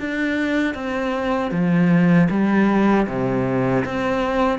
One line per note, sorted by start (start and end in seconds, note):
0.00 0.75 D4
0.75 1.51 C4
1.51 2.28 F3
2.30 3.07 G3
3.07 3.84 C3
3.85 4.59 C4